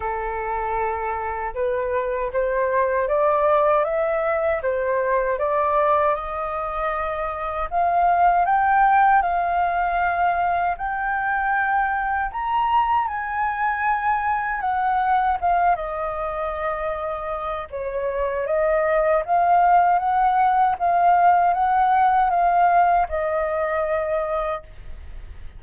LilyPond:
\new Staff \with { instrumentName = "flute" } { \time 4/4 \tempo 4 = 78 a'2 b'4 c''4 | d''4 e''4 c''4 d''4 | dis''2 f''4 g''4 | f''2 g''2 |
ais''4 gis''2 fis''4 | f''8 dis''2~ dis''8 cis''4 | dis''4 f''4 fis''4 f''4 | fis''4 f''4 dis''2 | }